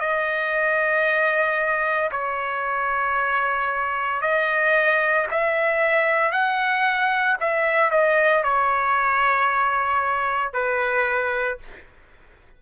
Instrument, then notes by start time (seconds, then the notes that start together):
trumpet
0.00 D#5
2.12 C#5
4.22 D#5
5.32 E5
6.32 F#5
7.41 E5
7.91 D#5
8.44 C#5
10.54 B4